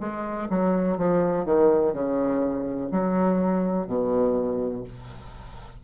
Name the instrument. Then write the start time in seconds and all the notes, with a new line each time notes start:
bassoon
0.00 G#3
0.50 F#3
0.97 F3
1.45 D#3
1.93 C#3
2.91 F#3
3.87 B2